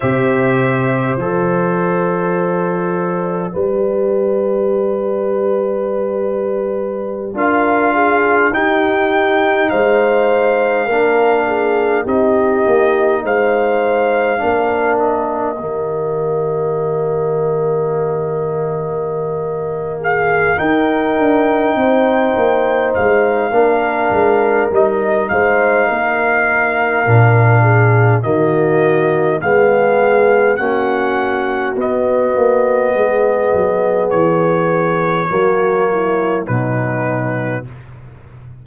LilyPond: <<
  \new Staff \with { instrumentName = "trumpet" } { \time 4/4 \tempo 4 = 51 e''4 d''2.~ | d''2~ d''16 f''4 g''8.~ | g''16 f''2 dis''4 f''8.~ | f''8. dis''2.~ dis''16~ |
dis''4 f''8 g''2 f''8~ | f''4 dis''8 f''2~ f''8 | dis''4 f''4 fis''4 dis''4~ | dis''4 cis''2 b'4 | }
  \new Staff \with { instrumentName = "horn" } { \time 4/4 c''2. b'4~ | b'2~ b'16 ais'8 gis'8 g'8.~ | g'16 c''4 ais'8 gis'8 g'4 c''8.~ | c''16 ais'4 g'2~ g'8.~ |
g'4 gis'8 ais'4 c''4. | ais'4. c''8 ais'4. gis'8 | fis'4 gis'4 fis'2 | gis'2 fis'8 e'8 dis'4 | }
  \new Staff \with { instrumentName = "trombone" } { \time 4/4 g'4 a'2 g'4~ | g'2~ g'16 f'4 dis'8.~ | dis'4~ dis'16 d'4 dis'4.~ dis'16~ | dis'16 d'4 ais2~ ais8.~ |
ais4. dis'2~ dis'8 | d'4 dis'2 d'4 | ais4 b4 cis'4 b4~ | b2 ais4 fis4 | }
  \new Staff \with { instrumentName = "tuba" } { \time 4/4 c4 f2 g4~ | g2~ g16 d'4 dis'8.~ | dis'16 gis4 ais4 c'8 ais8 gis8.~ | gis16 ais4 dis2~ dis8.~ |
dis4. dis'8 d'8 c'8 ais8 gis8 | ais8 gis8 g8 gis8 ais4 ais,4 | dis4 gis4 ais4 b8 ais8 | gis8 fis8 e4 fis4 b,4 | }
>>